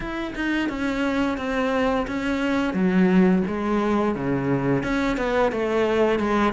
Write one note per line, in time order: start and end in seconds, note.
0.00 0.34 E4
0.35 0.69 D#4
0.69 1.37 C#4
1.37 2.06 C4
2.07 2.73 C#4
2.73 3.42 F#3
3.47 4.15 G#3
4.15 4.83 C#3
4.83 5.17 C#4
5.17 5.51 B3
5.51 6.19 A3
6.19 6.52 G#3